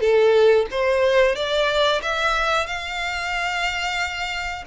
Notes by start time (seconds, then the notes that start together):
0.00 A4
0.71 C5
1.35 D5
2.02 E5
2.66 F5